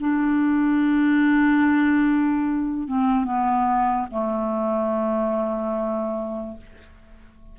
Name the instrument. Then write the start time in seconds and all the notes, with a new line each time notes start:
clarinet
0.00 D4
2.87 C4
3.25 B3
4.11 A3